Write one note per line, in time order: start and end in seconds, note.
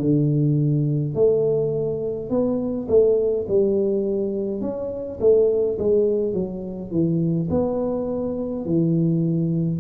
0.00 1.15 D3
1.15 2.30 A3
2.30 2.87 B3
2.88 3.46 A3
3.48 4.62 G3
4.62 5.19 C#4
5.20 5.78 A3
5.78 6.34 G#3
6.34 6.91 F#3
6.91 7.49 E3
7.51 8.65 B3
8.65 9.80 E3